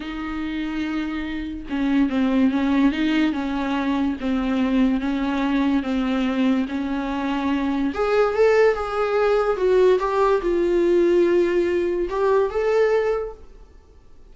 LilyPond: \new Staff \with { instrumentName = "viola" } { \time 4/4 \tempo 4 = 144 dis'1 | cis'4 c'4 cis'4 dis'4 | cis'2 c'2 | cis'2 c'2 |
cis'2. gis'4 | a'4 gis'2 fis'4 | g'4 f'2.~ | f'4 g'4 a'2 | }